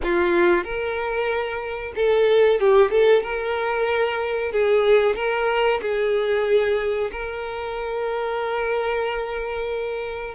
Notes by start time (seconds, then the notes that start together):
0.03 F4
0.64 A#4
1.95 A4
2.60 G4
2.90 A4
3.23 A#4
4.52 G#4
5.15 A#4
5.81 G#4
7.11 A#4